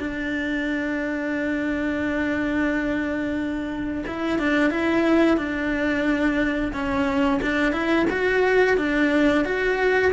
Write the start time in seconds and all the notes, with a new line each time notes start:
0.00 D4
4.07 E4
4.39 D4
4.71 E4
5.37 D4
6.73 C#4
7.42 D4
7.73 E4
8.10 F#4
8.78 D4
9.45 F#4